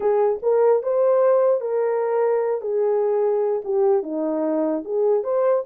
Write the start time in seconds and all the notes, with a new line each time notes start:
0.00 G#4
0.42 A#4
0.82 C5
1.60 A#4
2.61 G#4
3.64 G4
4.03 D#4
4.84 G#4
5.23 C5